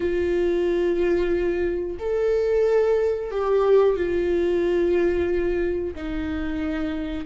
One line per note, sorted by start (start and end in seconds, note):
0.00 1.97 F4
1.99 3.31 A4
3.31 3.96 G4
3.96 5.94 F4
5.94 7.25 D#4